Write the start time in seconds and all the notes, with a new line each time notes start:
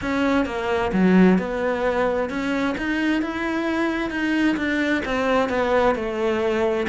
0.01 C#4
0.45 A#3
0.92 F#3
1.38 B3
2.29 C#4
2.77 D#4
3.22 E4
4.10 D#4
4.57 D4
5.05 C4
5.49 B3
5.95 A3